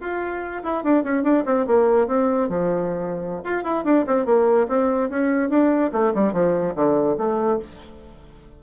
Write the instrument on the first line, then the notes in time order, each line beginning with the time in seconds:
bassoon
0.00 F4
0.63 E4
0.83 D4
1.03 C#4
1.23 D4
1.45 C4
1.67 A#3
2.07 C4
2.48 F3
3.44 F4
3.63 E4
3.84 D4
4.07 C4
4.25 A#3
4.68 C4
5.09 C#4
5.49 D4
5.92 A3
6.14 G3
6.33 F3
6.75 D3
7.17 A3